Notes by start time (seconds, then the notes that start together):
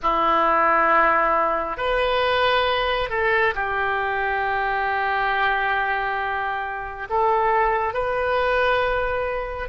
0.02 E4
1.77 B4
3.09 A4
3.55 G4
7.09 A4
7.93 B4